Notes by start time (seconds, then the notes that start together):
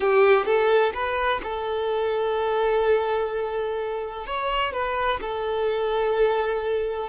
0.00 G4
0.45 A4
0.94 B4
1.43 A4
4.26 C#5
4.72 B4
5.20 A4